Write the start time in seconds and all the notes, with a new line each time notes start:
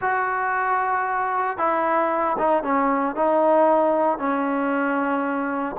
0.01 F#4
1.57 E4
2.38 D#4
2.63 C#4
3.15 D#4
4.18 C#4